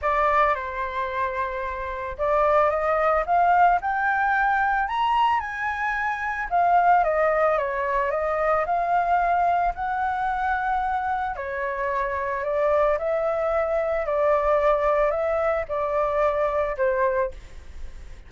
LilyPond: \new Staff \with { instrumentName = "flute" } { \time 4/4 \tempo 4 = 111 d''4 c''2. | d''4 dis''4 f''4 g''4~ | g''4 ais''4 gis''2 | f''4 dis''4 cis''4 dis''4 |
f''2 fis''2~ | fis''4 cis''2 d''4 | e''2 d''2 | e''4 d''2 c''4 | }